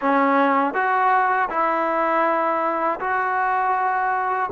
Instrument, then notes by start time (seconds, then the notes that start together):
trombone
0.01 C#4
0.74 F#4
1.49 E4
3.00 F#4